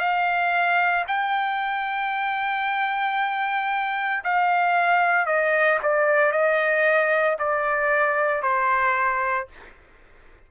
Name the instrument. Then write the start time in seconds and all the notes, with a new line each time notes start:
trumpet
0.00 F5
1.08 G5
4.24 F5
5.26 D#5
5.83 D5
6.33 D#5
7.39 D5
8.43 C5